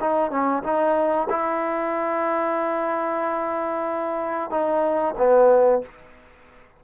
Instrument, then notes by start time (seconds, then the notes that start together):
trombone
0.00 D#4
0.30 C#4
0.63 D#4
1.29 E4
4.50 D#4
5.17 B3